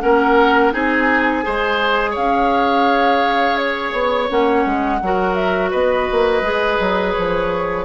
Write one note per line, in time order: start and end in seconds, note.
0.00 0.73 A#3
0.00 0.72 C#4
0.00 0.73 A#4
0.00 0.71 F#5
0.72 1.44 C4
0.72 1.42 D#4
0.72 1.44 G#4
0.72 2.16 G#5
1.42 2.16 G#3
1.42 4.28 G#4
1.42 2.10 C5
2.10 3.93 C#4
2.10 4.96 C#5
2.10 3.57 F5
3.57 4.29 C#5
3.93 4.28 B3
4.29 4.65 A#3
4.29 5.00 C#4
4.29 5.34 F#5
4.65 5.01 G#3
5.02 5.73 F#3
5.02 6.43 F#4
5.02 5.70 A#4
5.34 5.70 E5
5.70 6.09 B3
5.70 7.84 B4
5.70 7.13 D#5
6.11 6.42 A#3
6.42 6.77 G#3
6.42 7.84 G#4
6.79 7.15 F#3
7.13 7.84 F3
7.13 7.84 C#5